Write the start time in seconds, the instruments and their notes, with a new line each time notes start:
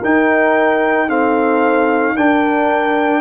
0.00 trombone D#4, tuba D#4, horn A#4, trumpet G5
1.09 trombone C4, horn A4, trumpet F5
2.16 tuba D4, trombone D4, horn A#4, trumpet G5